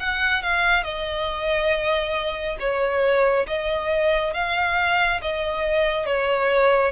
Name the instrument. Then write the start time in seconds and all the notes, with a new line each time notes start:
violin
0.00 F#5
0.43 F5
0.84 D#5
2.60 C#5
3.47 D#5
4.34 F5
5.22 D#5
6.06 C#5